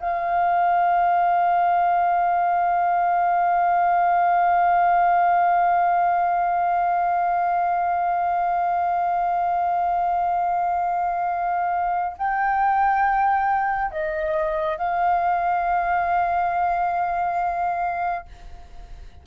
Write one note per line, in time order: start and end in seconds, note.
0.00 12.17 F5
12.18 13.91 G5
13.91 14.77 D#5
14.77 18.25 F5